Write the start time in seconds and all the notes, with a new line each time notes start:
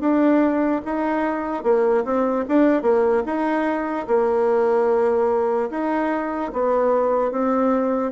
0.00 D4
0.85 D#4
1.63 A#3
2.05 C4
2.48 D4
2.82 A#3
3.25 D#4
4.07 A#3
5.70 D#4
6.53 B3
7.31 C4